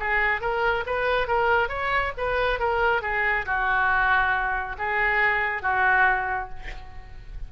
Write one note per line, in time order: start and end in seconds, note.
0.00 0.41 G#4
0.41 0.85 A#4
0.87 1.28 B4
1.28 1.69 A#4
1.69 2.12 C#5
2.18 2.60 B4
2.60 3.02 A#4
3.02 3.46 G#4
3.46 4.77 F#4
4.79 5.63 G#4
5.63 6.50 F#4